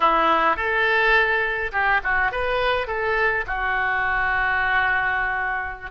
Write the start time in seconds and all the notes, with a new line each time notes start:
0.00 E4
0.56 A4
1.72 G4
2.03 F#4
2.31 B4
2.87 A4
3.46 F#4